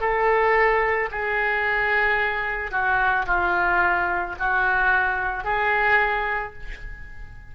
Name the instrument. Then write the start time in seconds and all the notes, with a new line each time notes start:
oboe
0.00 A4
1.11 G#4
2.71 F#4
3.26 F4
4.39 F#4
5.44 G#4